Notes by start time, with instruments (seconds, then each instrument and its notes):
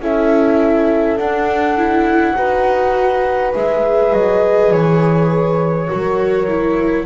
0.00 double bass C#4, viola E4, horn A4, flute E5
1.16 double bass D4, viola D4, flute F#5
1.77 viola E4
2.36 double bass D#4, viola F#4, horn B4
3.53 double bass G#3, viola G#4, flute E5
4.12 double bass F#3, flute D#5
4.71 double bass E3, flute C#5
5.88 double bass F#3, viola F#4, horn A#4
6.48 viola E4